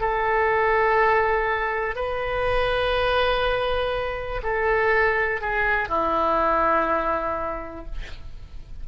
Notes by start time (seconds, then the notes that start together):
0.00 A4
1.95 B4
4.43 A4
5.41 G#4
5.89 E4